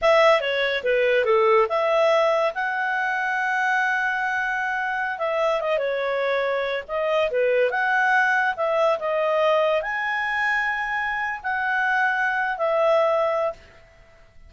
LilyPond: \new Staff \with { instrumentName = "clarinet" } { \time 4/4 \tempo 4 = 142 e''4 cis''4 b'4 a'4 | e''2 fis''2~ | fis''1~ | fis''16 e''4 dis''8 cis''2~ cis''16~ |
cis''16 dis''4 b'4 fis''4.~ fis''16~ | fis''16 e''4 dis''2 gis''8.~ | gis''2. fis''4~ | fis''4.~ fis''16 e''2~ e''16 | }